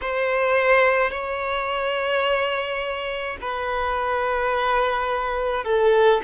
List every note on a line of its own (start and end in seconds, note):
0.01 1.10 C5
1.10 3.37 C#5
3.41 5.64 B4
5.64 6.21 A4